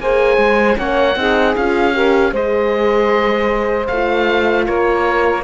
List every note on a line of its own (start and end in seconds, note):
0.00 0.38 A#3
0.00 0.76 G#4
0.00 0.78 C5
0.00 0.79 G#5
0.38 0.77 G#3
0.76 1.16 A#3
0.76 1.15 C#4
0.76 1.17 C#5
0.76 1.56 F#5
1.16 1.55 C4
1.16 1.56 D#4
1.16 1.95 G#4
1.56 2.32 C#4
1.56 1.94 F4
1.56 2.34 F5
1.94 2.32 G4
1.94 2.33 A#4
2.32 3.88 G#3
2.32 3.90 G#4
2.32 4.66 C5
2.32 3.87 D#5
3.87 4.68 A3
3.87 5.44 F4
3.87 4.65 F5
4.67 5.44 A#3
4.67 5.44 A#4
4.67 5.44 C#5